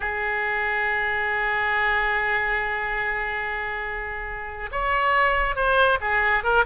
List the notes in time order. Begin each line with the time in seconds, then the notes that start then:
0.00 G#4
4.71 C#5
5.55 C5
6.00 G#4
6.43 A#4